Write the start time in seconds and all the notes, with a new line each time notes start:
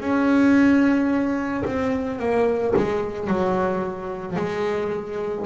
0.00 C#4
1.65 C4
2.19 A#3
2.76 G#3
3.28 F#3
4.36 G#3